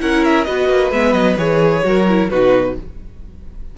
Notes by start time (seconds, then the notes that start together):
0.00 C#4 E4 A#4 F#5
0.24 E5
0.44 B3 F#4 B4 D#5
0.70 A#3
0.91 G#3 B3 E5
1.13 F#3 D#5
1.37 E3 G#4 C#5
1.83 F#3 F#4 A#4
2.08 E4
2.29 B2 D#4 F#4 B4